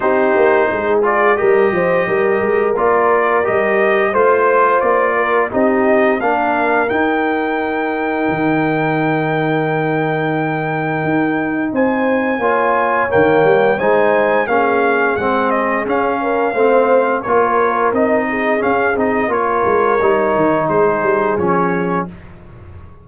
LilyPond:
<<
  \new Staff \with { instrumentName = "trumpet" } { \time 4/4 \tempo 4 = 87 c''4. d''8 dis''2 | d''4 dis''4 c''4 d''4 | dis''4 f''4 g''2~ | g''1~ |
g''4 gis''2 g''4 | gis''4 f''4 fis''8 dis''8 f''4~ | f''4 cis''4 dis''4 f''8 dis''8 | cis''2 c''4 cis''4 | }
  \new Staff \with { instrumentName = "horn" } { \time 4/4 g'4 gis'4 ais'8 c''8 ais'4~ | ais'2 c''4. ais'8 | g'4 ais'2.~ | ais'1~ |
ais'4 c''4 cis''2 | c''4 gis'2~ gis'8 ais'8 | c''4 ais'4. gis'4. | ais'2 gis'2 | }
  \new Staff \with { instrumentName = "trombone" } { \time 4/4 dis'4. f'8 g'2 | f'4 g'4 f'2 | dis'4 d'4 dis'2~ | dis'1~ |
dis'2 f'4 ais4 | dis'4 cis'4 c'4 cis'4 | c'4 f'4 dis'4 cis'8 dis'8 | f'4 dis'2 cis'4 | }
  \new Staff \with { instrumentName = "tuba" } { \time 4/4 c'8 ais8 gis4 g8 f8 g8 gis8 | ais4 g4 a4 ais4 | c'4 ais4 dis'2 | dis1 |
dis'4 c'4 ais4 dis8 g8 | gis4 ais4 gis4 cis'4 | a4 ais4 c'4 cis'8 c'8 | ais8 gis8 g8 dis8 gis8 g8 f4 | }
>>